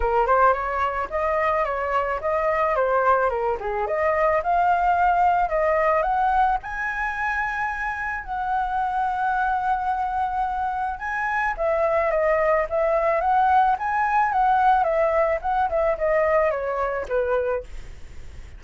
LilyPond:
\new Staff \with { instrumentName = "flute" } { \time 4/4 \tempo 4 = 109 ais'8 c''8 cis''4 dis''4 cis''4 | dis''4 c''4 ais'8 gis'8 dis''4 | f''2 dis''4 fis''4 | gis''2. fis''4~ |
fis''1 | gis''4 e''4 dis''4 e''4 | fis''4 gis''4 fis''4 e''4 | fis''8 e''8 dis''4 cis''4 b'4 | }